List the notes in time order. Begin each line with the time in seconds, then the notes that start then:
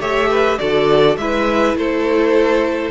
0.00 A3 G4 C#5 E5
0.30 B4
0.59 D3 F#4 A4 D5
1.17 G#3 E4 B4 E5
1.75 A3 A4 C5